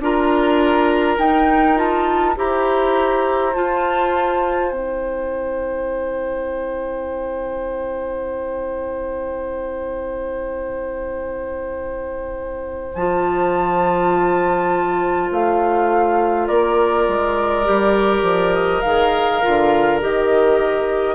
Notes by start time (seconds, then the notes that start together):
0.00 D4 F4 A#4 A#5
1.18 D#4 G5
1.76 F4 A5
2.36 E4 G4 C5 A#5
3.54 F4 A5
4.70 C4 E4 G5
12.95 F3 F4 A5
15.31 A3 F5
16.48 A#3 A#4 D5
17.08 G#3
17.65 G3 G4
18.23 F3
18.53 D#5
18.82 D#3 G#4 F5
19.42 D3 F4
20.01 D#3 G4 D#5